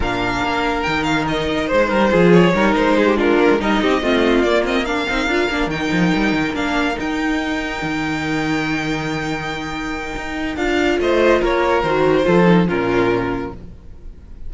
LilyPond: <<
  \new Staff \with { instrumentName = "violin" } { \time 4/4 \tempo 4 = 142 f''2 g''8 f''8 dis''4 | c''4. cis''4 c''4 ais'8~ | ais'8 dis''2 d''8 dis''8 f''8~ | f''4. g''2 f''8~ |
f''8 g''2.~ g''8~ | g''1~ | g''4 f''4 dis''4 cis''4 | c''2 ais'2 | }
  \new Staff \with { instrumentName = "violin" } { \time 4/4 ais'1 | c''8 ais'8 gis'4 ais'4 gis'16 g'16 f'8~ | f'8 ais'8 g'8 f'2 ais'8~ | ais'1~ |
ais'1~ | ais'1~ | ais'2 c''4 ais'4~ | ais'4 a'4 f'2 | }
  \new Staff \with { instrumentName = "viola" } { \time 4/4 d'2 dis'2~ | dis'4 f'4 dis'4. d'8~ | d'8 dis'4 c'4 ais8 c'8 d'8 | dis'8 f'8 d'8 dis'2 d'8~ |
d'8 dis'2.~ dis'8~ | dis'1~ | dis'4 f'2. | fis'4 f'8 dis'8 cis'2 | }
  \new Staff \with { instrumentName = "cello" } { \time 4/4 ais,4 ais4 dis2 | gis8 g8 f4 g8 gis4. | ais16 gis16 g8 c'8 a4 ais4. | c'8 d'8 ais8 dis8 f8 g8 dis8 ais8~ |
ais8 dis'2 dis4.~ | dis1 | dis'4 d'4 a4 ais4 | dis4 f4 ais,2 | }
>>